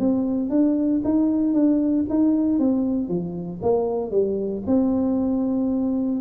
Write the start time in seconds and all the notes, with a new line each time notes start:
0.00 C4
0.50 D4
1.05 D#4
1.54 D4
2.10 D#4
2.59 C4
3.09 F3
3.63 A#3
4.12 G3
4.67 C4